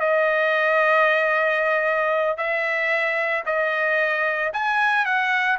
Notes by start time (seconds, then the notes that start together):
0.00 D#5
2.37 E5
3.46 D#5
4.53 G#5
5.05 F#5